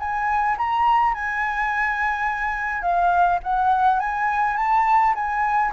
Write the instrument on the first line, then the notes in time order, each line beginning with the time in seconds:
flute
0.00 G#5
0.58 A#5
1.14 G#5
2.82 F5
3.44 F#5
4.00 G#5
4.57 A5
5.15 G#5